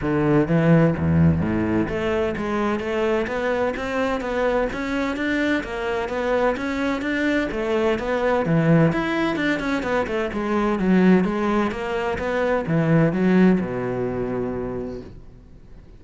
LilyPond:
\new Staff \with { instrumentName = "cello" } { \time 4/4 \tempo 4 = 128 d4 e4 e,4 a,4 | a4 gis4 a4 b4 | c'4 b4 cis'4 d'4 | ais4 b4 cis'4 d'4 |
a4 b4 e4 e'4 | d'8 cis'8 b8 a8 gis4 fis4 | gis4 ais4 b4 e4 | fis4 b,2. | }